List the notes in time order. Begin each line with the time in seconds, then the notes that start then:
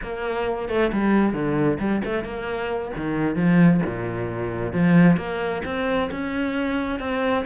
0.02 A#3
0.68 A3
0.92 G3
1.33 D3
1.79 G3
2.04 A3
2.24 A#3
2.96 D#3
3.35 F3
3.86 A#2
4.72 F3
5.16 A#3
5.65 C4
6.11 C#4
6.99 C4